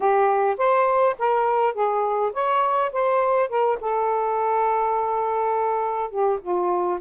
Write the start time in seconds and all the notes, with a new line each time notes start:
0.00 G4
0.57 C5
1.18 A#4
1.73 G#4
2.33 C#5
2.92 C5
3.49 A#4
3.80 A4
6.10 G4
6.41 F4